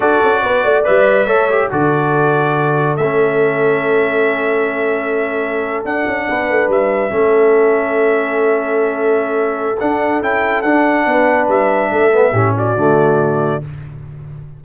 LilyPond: <<
  \new Staff \with { instrumentName = "trumpet" } { \time 4/4 \tempo 4 = 141 d''2 e''2 | d''2. e''4~ | e''1~ | e''4.~ e''16 fis''2 e''16~ |
e''1~ | e''2. fis''4 | g''4 fis''2 e''4~ | e''4. d''2~ d''8 | }
  \new Staff \with { instrumentName = "horn" } { \time 4/4 a'4 b'8 d''4. cis''4 | a'1~ | a'1~ | a'2~ a'8. b'4~ b'16~ |
b'8. a'2.~ a'16~ | a'1~ | a'2 b'2 | a'4 g'8 fis'2~ fis'8 | }
  \new Staff \with { instrumentName = "trombone" } { \time 4/4 fis'2 b'4 a'8 g'8 | fis'2. cis'4~ | cis'1~ | cis'4.~ cis'16 d'2~ d'16~ |
d'8. cis'2.~ cis'16~ | cis'2. d'4 | e'4 d'2.~ | d'8 b8 cis'4 a2 | }
  \new Staff \with { instrumentName = "tuba" } { \time 4/4 d'8 cis'8 b8 a8 g4 a4 | d2. a4~ | a1~ | a4.~ a16 d'8 cis'8 b8 a8 g16~ |
g8. a2.~ a16~ | a2. d'4 | cis'4 d'4 b4 g4 | a4 a,4 d2 | }
>>